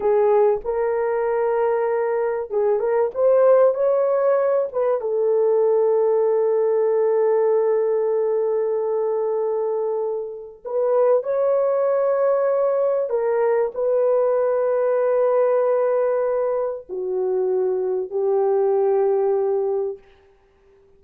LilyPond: \new Staff \with { instrumentName = "horn" } { \time 4/4 \tempo 4 = 96 gis'4 ais'2. | gis'8 ais'8 c''4 cis''4. b'8 | a'1~ | a'1~ |
a'4 b'4 cis''2~ | cis''4 ais'4 b'2~ | b'2. fis'4~ | fis'4 g'2. | }